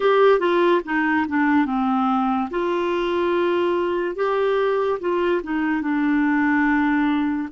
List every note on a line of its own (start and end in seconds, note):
0.00 0.39 G4
0.39 0.81 F4
0.84 1.26 D#4
1.28 1.65 D4
1.65 2.48 C4
2.50 4.15 F4
4.15 4.98 G4
5.00 5.41 F4
5.43 5.81 D#4
5.81 7.48 D4